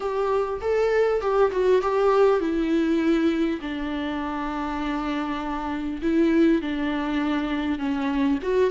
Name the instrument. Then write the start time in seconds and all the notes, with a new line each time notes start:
viola
0.00 G4
0.61 A4
1.21 G4
1.51 F#4
1.81 G4
2.40 E4
3.61 D4
6.02 E4
6.61 D4
7.78 C#4
8.42 F#4